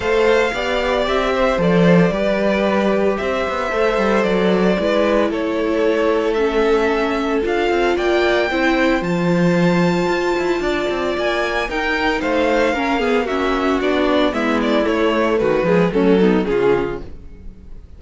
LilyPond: <<
  \new Staff \with { instrumentName = "violin" } { \time 4/4 \tempo 4 = 113 f''2 e''4 d''4~ | d''2 e''2 | d''2 cis''2 | e''2 f''4 g''4~ |
g''4 a''2.~ | a''4 gis''4 g''4 f''4~ | f''4 e''4 d''4 e''8 d''8 | cis''4 b'4 a'4 gis'4 | }
  \new Staff \with { instrumentName = "violin" } { \time 4/4 c''4 d''4. c''4. | b'2 c''2~ | c''4 b'4 a'2~ | a'2. d''4 |
c''1 | d''2 ais'4 c''4 | ais'8 gis'8 fis'2 e'4~ | e'4 fis'8 gis'8 cis'8 dis'8 f'4 | }
  \new Staff \with { instrumentName = "viola" } { \time 4/4 a'4 g'2 a'4 | g'2. a'4~ | a'4 e'2. | cis'2 f'2 |
e'4 f'2.~ | f'2 dis'2 | cis'8 b8 cis'4 d'4 b4 | a4. gis8 a8 b8 cis'4 | }
  \new Staff \with { instrumentName = "cello" } { \time 4/4 a4 b4 c'4 f4 | g2 c'8 b8 a8 g8 | fis4 gis4 a2~ | a2 d'8 c'8 ais4 |
c'4 f2 f'8 e'8 | d'8 c'8 ais4 dis'4 a4 | ais2 b4 gis4 | a4 dis8 f8 fis4 cis4 | }
>>